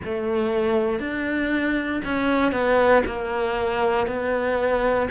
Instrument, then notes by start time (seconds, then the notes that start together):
cello
0.04 A3
0.99 D4
2.04 C#4
2.51 B3
3.06 A#3
4.07 B3